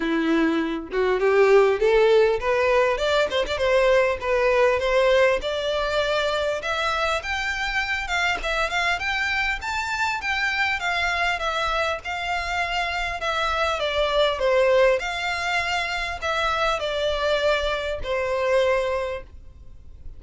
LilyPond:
\new Staff \with { instrumentName = "violin" } { \time 4/4 \tempo 4 = 100 e'4. fis'8 g'4 a'4 | b'4 d''8 c''16 d''16 c''4 b'4 | c''4 d''2 e''4 | g''4. f''8 e''8 f''8 g''4 |
a''4 g''4 f''4 e''4 | f''2 e''4 d''4 | c''4 f''2 e''4 | d''2 c''2 | }